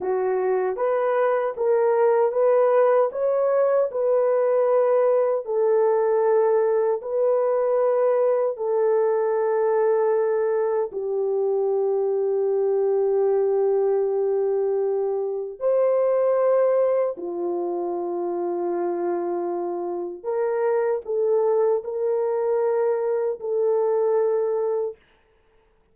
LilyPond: \new Staff \with { instrumentName = "horn" } { \time 4/4 \tempo 4 = 77 fis'4 b'4 ais'4 b'4 | cis''4 b'2 a'4~ | a'4 b'2 a'4~ | a'2 g'2~ |
g'1 | c''2 f'2~ | f'2 ais'4 a'4 | ais'2 a'2 | }